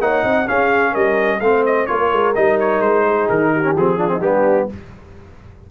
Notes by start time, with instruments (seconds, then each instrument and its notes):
0.00 tuba A#3, trombone D#4, horn C#5, trumpet F#5
0.23 tuba C4, horn D#5
0.47 trombone C#4, tuba C#4, horn G#4, trumpet F5
0.91 tuba G3, horn A#4, trumpet D#5
1.40 tuba A3, trombone C4, horn C5, trumpet F5
1.66 trumpet D#5
1.86 tuba A#3, trombone F4, horn A#4, trumpet C#5
2.12 tuba G#3
2.35 tuba G3, trombone D#4, trumpet D#5
2.60 trumpet C#5
2.80 tuba G#3, trumpet C5
3.06 horn G#4
3.29 tuba D#3, trumpet A#4
3.52 horn G4
3.63 trombone C#4
3.76 tuba F3, trombone C4, trumpet G#4
3.98 trombone D4, horn F4
4.08 trombone C4, horn D#4
4.21 tuba G3, trombone B3, horn D4, trumpet G4